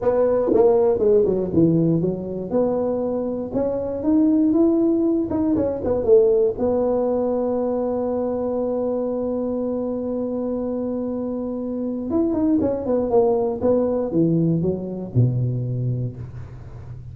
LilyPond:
\new Staff \with { instrumentName = "tuba" } { \time 4/4 \tempo 4 = 119 b4 ais4 gis8 fis8 e4 | fis4 b2 cis'4 | dis'4 e'4. dis'8 cis'8 b8 | a4 b2.~ |
b1~ | b1 | e'8 dis'8 cis'8 b8 ais4 b4 | e4 fis4 b,2 | }